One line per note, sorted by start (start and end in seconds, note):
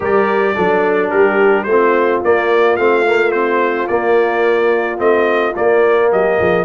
0.00 0.56 G3
0.00 0.55 G4
0.00 0.54 A#4
0.00 1.10 D5
0.55 1.12 F#3
0.55 1.67 D4
0.55 1.11 A4
1.10 1.65 G3
1.10 1.66 G4
1.10 1.63 A#4
1.63 2.21 A3
1.63 6.11 F4
1.63 2.19 C5
1.69 2.24 C4
2.24 2.77 A#3
2.24 2.76 D5
2.76 3.88 A3
2.76 3.05 C4
2.76 3.31 F5
3.06 3.32 A#3
3.31 3.88 C4
3.31 3.87 C5
3.87 4.97 A#3
3.87 4.99 A#3
3.87 4.98 D5
4.97 5.54 A3
4.97 5.52 C4
4.97 5.55 D#5
5.55 6.64 A#3
5.55 6.12 A#3
5.55 6.11 D5
6.11 6.39 F#3
6.11 6.39 G4
6.11 6.64 D#5
6.39 6.64 F3
6.39 6.64 G#4